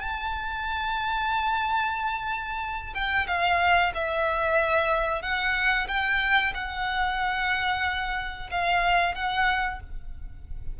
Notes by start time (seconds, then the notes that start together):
0.00 A5
2.94 G5
3.27 F5
3.94 E5
5.22 F#5
5.88 G5
6.54 F#5
8.50 F5
9.15 F#5